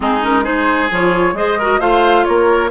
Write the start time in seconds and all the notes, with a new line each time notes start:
0.00 G#3 C4 D#4 G#4
0.22 C#4 A#4
0.43 D#4 G#4 C5
0.90 F3 F4 C#5
1.33 G#3 G#4 C5 D#5
1.59 F#4 A#4
1.79 A3 F4 C5 F5
2.24 A#3 A#4 C#5